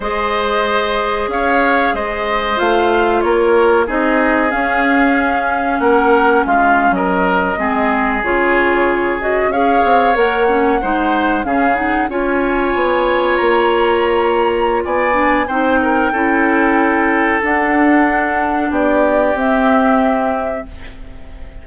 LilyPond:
<<
  \new Staff \with { instrumentName = "flute" } { \time 4/4 \tempo 4 = 93 dis''2 f''4 dis''4 | f''4 cis''4 dis''4 f''4~ | f''4 fis''4 f''8. dis''4~ dis''16~ | dis''8. cis''4. dis''8 f''4 fis''16~ |
fis''4.~ fis''16 f''8 fis''8 gis''4~ gis''16~ | gis''8. ais''2~ ais''16 gis''4 | g''2. fis''4~ | fis''4 d''4 e''2 | }
  \new Staff \with { instrumentName = "oboe" } { \time 4/4 c''2 cis''4 c''4~ | c''4 ais'4 gis'2~ | gis'4 ais'4 f'8. ais'4 gis'16~ | gis'2~ gis'8. cis''4~ cis''16~ |
cis''8. c''4 gis'4 cis''4~ cis''16~ | cis''2. d''4 | c''8 ais'8 a'2.~ | a'4 g'2. | }
  \new Staff \with { instrumentName = "clarinet" } { \time 4/4 gis'1 | f'2 dis'4 cis'4~ | cis'2.~ cis'8. c'16~ | c'8. f'4. fis'8 gis'4 ais'16~ |
ais'16 cis'8 dis'4 cis'8 dis'8 f'4~ f'16~ | f'2.~ f'8 d'8 | dis'4 e'2 d'4~ | d'2 c'2 | }
  \new Staff \with { instrumentName = "bassoon" } { \time 4/4 gis2 cis'4 gis4 | a4 ais4 c'4 cis'4~ | cis'4 ais4 gis8. fis4 gis16~ | gis8. cis2 cis'8 c'8 ais16~ |
ais8. gis4 cis4 cis'4 b16~ | b8. ais2~ ais16 b4 | c'4 cis'2 d'4~ | d'4 b4 c'2 | }
>>